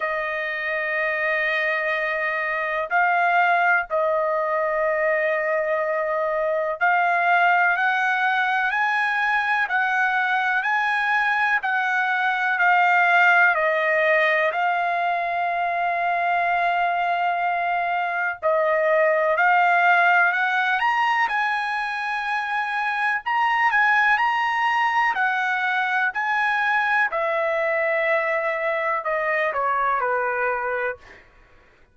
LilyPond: \new Staff \with { instrumentName = "trumpet" } { \time 4/4 \tempo 4 = 62 dis''2. f''4 | dis''2. f''4 | fis''4 gis''4 fis''4 gis''4 | fis''4 f''4 dis''4 f''4~ |
f''2. dis''4 | f''4 fis''8 ais''8 gis''2 | ais''8 gis''8 ais''4 fis''4 gis''4 | e''2 dis''8 cis''8 b'4 | }